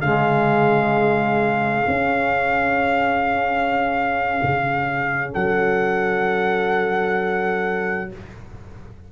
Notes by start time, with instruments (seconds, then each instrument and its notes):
0.00 tuba C#3, trombone G#3, horn G#4, trumpet F5
1.86 trombone C#4, tuba C#4
4.42 tuba C#3
5.32 tuba F#3, horn A4, trumpet F#5